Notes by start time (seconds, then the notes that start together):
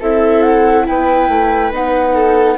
0.00 C4 E4 A4 E5
0.42 F#5
0.87 B3 B4 G5
1.28 A3
1.72 B3 D#4 F#5
2.14 A4